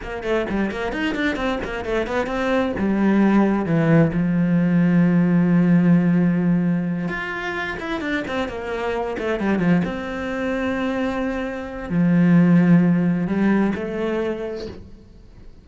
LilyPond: \new Staff \with { instrumentName = "cello" } { \time 4/4 \tempo 4 = 131 ais8 a8 g8 ais8 dis'8 d'8 c'8 ais8 | a8 b8 c'4 g2 | e4 f2.~ | f2.~ f8 f'8~ |
f'4 e'8 d'8 c'8 ais4. | a8 g8 f8 c'2~ c'8~ | c'2 f2~ | f4 g4 a2 | }